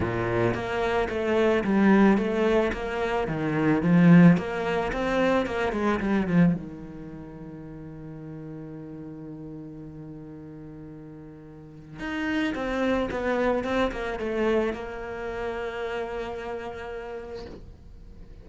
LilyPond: \new Staff \with { instrumentName = "cello" } { \time 4/4 \tempo 4 = 110 ais,4 ais4 a4 g4 | a4 ais4 dis4 f4 | ais4 c'4 ais8 gis8 g8 f8 | dis1~ |
dis1~ | dis2 dis'4 c'4 | b4 c'8 ais8 a4 ais4~ | ais1 | }